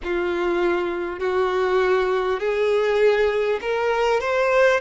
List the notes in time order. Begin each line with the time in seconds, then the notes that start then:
0.03 F4
1.19 F#4
2.39 G#4
3.61 A#4
4.20 C5